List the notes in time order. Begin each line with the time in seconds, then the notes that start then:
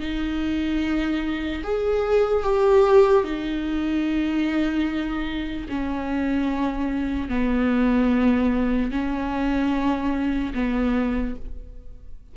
0.00 D#4
1.63 G#4
2.43 G4
3.24 D#4
5.69 C#4
7.29 B3
8.91 C#4
10.54 B3